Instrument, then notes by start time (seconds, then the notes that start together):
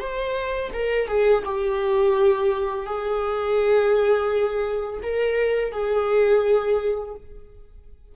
viola
0.00 C5
0.73 A#4
1.08 G#4
1.45 G4
2.87 G#4
5.03 A#4
5.72 G#4